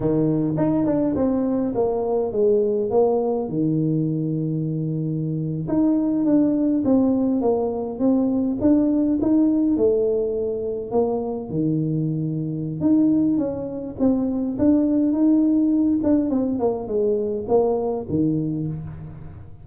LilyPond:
\new Staff \with { instrumentName = "tuba" } { \time 4/4 \tempo 4 = 103 dis4 dis'8 d'8 c'4 ais4 | gis4 ais4 dis2~ | dis4.~ dis16 dis'4 d'4 c'16~ | c'8. ais4 c'4 d'4 dis'16~ |
dis'8. a2 ais4 dis16~ | dis2 dis'4 cis'4 | c'4 d'4 dis'4. d'8 | c'8 ais8 gis4 ais4 dis4 | }